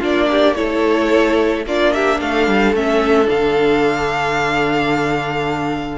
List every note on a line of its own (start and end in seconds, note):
0.00 0.57 A#3
0.00 0.56 D4
0.00 0.27 F4
0.00 0.56 D5
0.31 0.57 G4
0.56 1.66 A3
0.56 1.65 E4
0.56 1.66 A4
0.56 1.65 C#5
1.66 2.21 A#3
1.66 2.76 D4
1.66 1.94 F4
1.66 1.94 D5
1.94 2.20 G4
1.94 2.21 E5
2.20 2.48 A3
2.20 5.99 A4
2.20 2.75 F5
2.48 2.73 G3
2.73 3.28 A3
2.73 3.25 C#4
2.73 3.30 E5
3.25 5.99 D3
3.25 5.98 D4
3.25 5.99 F5